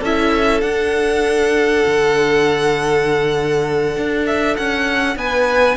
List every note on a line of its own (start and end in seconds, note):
0.00 0.62 C#4
0.00 0.63 E4
0.00 5.15 A4
0.00 0.61 E5
0.61 1.83 D4
0.61 5.77 D4
0.61 4.25 F#5
1.86 3.96 D3
3.96 4.57 D4
4.26 4.57 E5
4.57 5.16 C#4
4.57 5.17 F#5
5.16 5.77 B3
5.16 5.77 B4
5.16 5.77 G#5